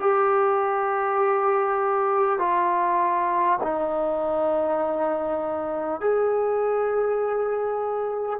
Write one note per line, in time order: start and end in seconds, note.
0.00 2.39 G4
2.39 3.59 F4
3.63 6.01 D#4
6.01 8.40 G#4